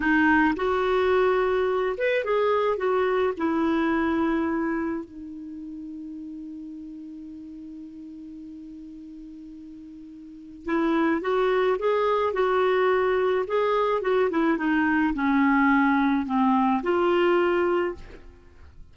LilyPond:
\new Staff \with { instrumentName = "clarinet" } { \time 4/4 \tempo 4 = 107 dis'4 fis'2~ fis'8 b'8 | gis'4 fis'4 e'2~ | e'4 dis'2.~ | dis'1~ |
dis'2. e'4 | fis'4 gis'4 fis'2 | gis'4 fis'8 e'8 dis'4 cis'4~ | cis'4 c'4 f'2 | }